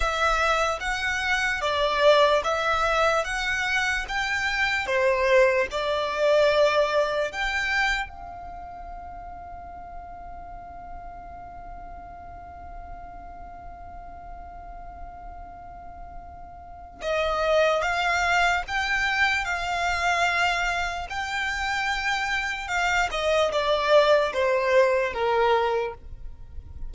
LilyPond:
\new Staff \with { instrumentName = "violin" } { \time 4/4 \tempo 4 = 74 e''4 fis''4 d''4 e''4 | fis''4 g''4 c''4 d''4~ | d''4 g''4 f''2~ | f''1~ |
f''1~ | f''4 dis''4 f''4 g''4 | f''2 g''2 | f''8 dis''8 d''4 c''4 ais'4 | }